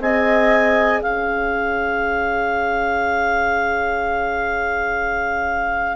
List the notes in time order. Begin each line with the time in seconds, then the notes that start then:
0.00 C4 G#4 D#5 G#5
1.00 C#4 C#5 F5